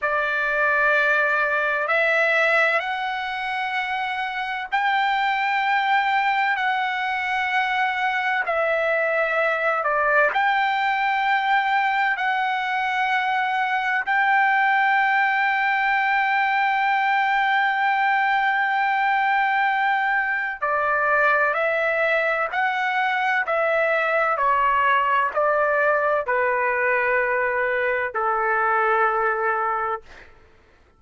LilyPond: \new Staff \with { instrumentName = "trumpet" } { \time 4/4 \tempo 4 = 64 d''2 e''4 fis''4~ | fis''4 g''2 fis''4~ | fis''4 e''4. d''8 g''4~ | g''4 fis''2 g''4~ |
g''1~ | g''2 d''4 e''4 | fis''4 e''4 cis''4 d''4 | b'2 a'2 | }